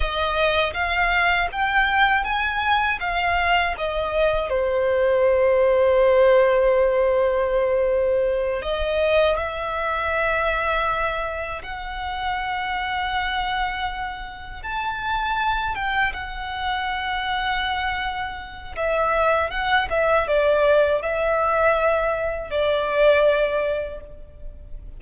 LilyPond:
\new Staff \with { instrumentName = "violin" } { \time 4/4 \tempo 4 = 80 dis''4 f''4 g''4 gis''4 | f''4 dis''4 c''2~ | c''2.~ c''8 dis''8~ | dis''8 e''2. fis''8~ |
fis''2.~ fis''8 a''8~ | a''4 g''8 fis''2~ fis''8~ | fis''4 e''4 fis''8 e''8 d''4 | e''2 d''2 | }